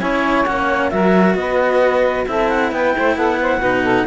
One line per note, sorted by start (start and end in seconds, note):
0.00 0.45 C#4
0.00 0.46 E4
0.00 0.91 C#5
0.00 0.45 G#5
0.45 0.92 A#3
0.45 0.91 C#4
0.45 0.90 F#5
0.90 1.35 F#3
0.90 2.26 F#4
0.90 1.37 A#4
0.90 1.34 E5
1.34 2.25 B3
1.34 2.27 B4
1.34 2.25 D#5
2.26 2.72 C4
2.26 3.61 E4
2.26 2.73 A4
2.26 2.49 E5
2.49 2.71 F#5
2.72 2.94 B3
2.72 2.97 B4
2.72 3.17 G5
2.97 3.16 A3
2.97 3.15 C5
3.15 3.58 B3
3.15 3.38 A4
3.15 4.07 F#5
3.42 3.59 C5
3.58 4.03 B2
3.58 4.07 D#4
3.58 3.82 B4
3.83 4.05 A4